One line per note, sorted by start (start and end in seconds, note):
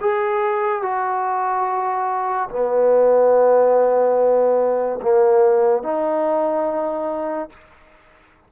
0.00 0.82 G#4
0.82 2.48 F#4
2.50 5.00 B3
5.02 5.83 A#3
5.83 7.49 D#4